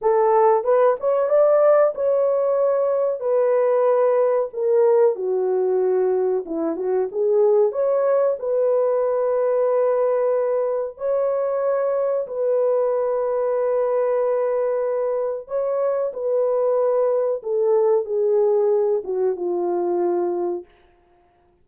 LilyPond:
\new Staff \with { instrumentName = "horn" } { \time 4/4 \tempo 4 = 93 a'4 b'8 cis''8 d''4 cis''4~ | cis''4 b'2 ais'4 | fis'2 e'8 fis'8 gis'4 | cis''4 b'2.~ |
b'4 cis''2 b'4~ | b'1 | cis''4 b'2 a'4 | gis'4. fis'8 f'2 | }